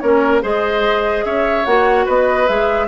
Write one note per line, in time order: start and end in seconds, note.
0.00 0.43 A#3
0.00 0.42 C#4
0.00 0.43 A#4
0.00 0.41 C#5
0.42 1.25 G#3
0.42 1.65 G#4
0.42 1.25 C5
0.42 1.25 D#5
1.25 1.66 C#4
1.25 2.05 C#5
1.25 1.65 E5
1.65 2.07 A#3
1.65 2.47 F#4
1.65 2.06 F#5
2.05 2.49 B3
2.05 2.87 B4
2.05 2.49 D#5
2.47 2.88 G#3
2.47 2.88 G#4
2.47 2.88 E5